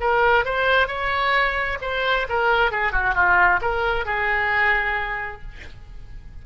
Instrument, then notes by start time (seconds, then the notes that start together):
oboe
0.00 A#4
0.45 C5
0.87 C#5
1.81 C5
2.29 A#4
2.71 G#4
2.92 F#4
3.14 F4
3.61 A#4
4.05 G#4